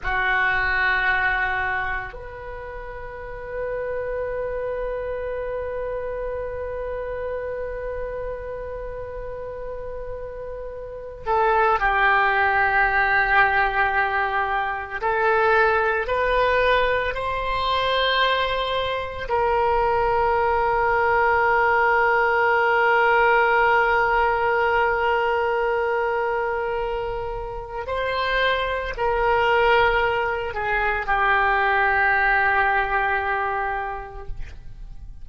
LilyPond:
\new Staff \with { instrumentName = "oboe" } { \time 4/4 \tempo 4 = 56 fis'2 b'2~ | b'1~ | b'2~ b'8 a'8 g'4~ | g'2 a'4 b'4 |
c''2 ais'2~ | ais'1~ | ais'2 c''4 ais'4~ | ais'8 gis'8 g'2. | }